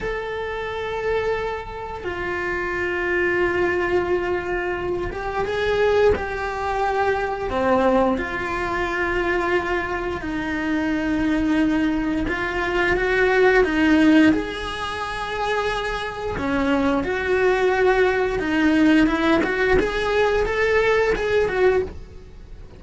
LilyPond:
\new Staff \with { instrumentName = "cello" } { \time 4/4 \tempo 4 = 88 a'2. f'4~ | f'2.~ f'8 g'8 | gis'4 g'2 c'4 | f'2. dis'4~ |
dis'2 f'4 fis'4 | dis'4 gis'2. | cis'4 fis'2 dis'4 | e'8 fis'8 gis'4 a'4 gis'8 fis'8 | }